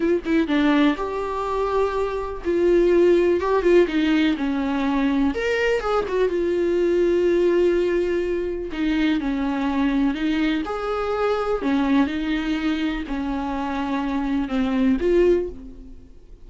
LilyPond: \new Staff \with { instrumentName = "viola" } { \time 4/4 \tempo 4 = 124 f'8 e'8 d'4 g'2~ | g'4 f'2 g'8 f'8 | dis'4 cis'2 ais'4 | gis'8 fis'8 f'2.~ |
f'2 dis'4 cis'4~ | cis'4 dis'4 gis'2 | cis'4 dis'2 cis'4~ | cis'2 c'4 f'4 | }